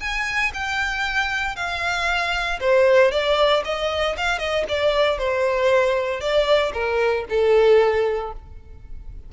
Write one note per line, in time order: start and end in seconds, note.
0.00 0.52 G#5
0.54 1.56 G5
1.56 2.59 F5
2.60 3.11 C5
3.11 3.63 D5
3.64 4.16 D#5
4.17 4.38 F5
4.38 4.64 D#5
4.69 5.18 D5
5.18 6.20 C5
6.20 6.72 D5
6.73 7.25 A#4
7.29 8.33 A4